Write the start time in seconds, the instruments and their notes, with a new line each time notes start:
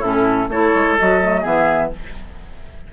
0.00 bassoon A2, clarinet C#4, oboe E4, flute A4
0.49 bassoon A3, clarinet E4, oboe A4, flute C#5
0.75 bassoon G#3
0.99 bassoon F#3, clarinet F#4, flute D#5
1.21 clarinet A3
1.41 bassoon E3, clarinet B3, oboe G#4, flute E5